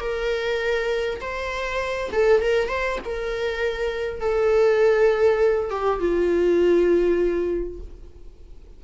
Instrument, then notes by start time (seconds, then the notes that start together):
viola
0.00 A#4
1.21 C5
2.12 A4
2.42 A#4
2.68 C5
3.05 A#4
4.21 A4
5.70 G4
6.00 F4